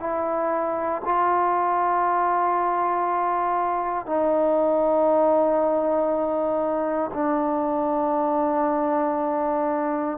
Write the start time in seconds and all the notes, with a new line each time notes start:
0.00 E4
1.04 F4
4.05 D#4
7.13 D4